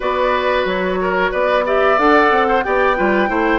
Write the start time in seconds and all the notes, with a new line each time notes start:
0.00 B3 F#4 B4 D5
0.65 F#3 C#5
1.01 A#4
1.31 B3 B4 D5
1.65 G4 D5 E5
1.97 D4 A4 F#5
2.30 C4
2.47 C5
2.63 B3 G4 D5 G5
2.95 G3 F4 B4
3.27 A3 E4 C5